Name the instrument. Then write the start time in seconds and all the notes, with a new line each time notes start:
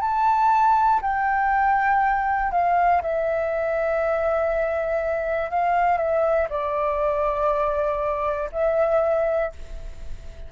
flute
0.00 A5
1.01 G5
2.51 F5
3.01 E5
5.50 F5
5.97 E5
6.50 D5
8.52 E5